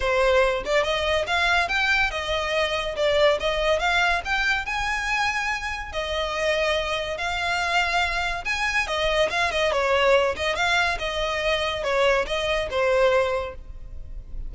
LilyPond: \new Staff \with { instrumentName = "violin" } { \time 4/4 \tempo 4 = 142 c''4. d''8 dis''4 f''4 | g''4 dis''2 d''4 | dis''4 f''4 g''4 gis''4~ | gis''2 dis''2~ |
dis''4 f''2. | gis''4 dis''4 f''8 dis''8 cis''4~ | cis''8 dis''8 f''4 dis''2 | cis''4 dis''4 c''2 | }